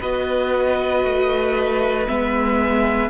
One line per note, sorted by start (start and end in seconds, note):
0.00 1.05 B3
0.00 2.07 F#4
0.00 3.10 B4
0.00 2.07 D#5
1.05 2.08 A3
2.07 3.10 G#3
2.07 3.10 B3
2.07 3.10 E5